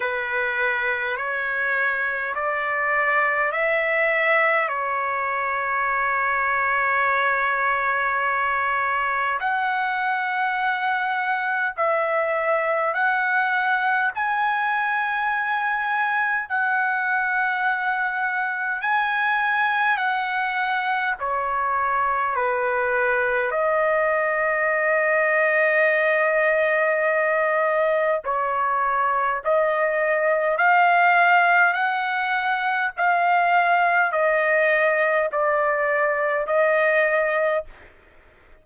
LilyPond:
\new Staff \with { instrumentName = "trumpet" } { \time 4/4 \tempo 4 = 51 b'4 cis''4 d''4 e''4 | cis''1 | fis''2 e''4 fis''4 | gis''2 fis''2 |
gis''4 fis''4 cis''4 b'4 | dis''1 | cis''4 dis''4 f''4 fis''4 | f''4 dis''4 d''4 dis''4 | }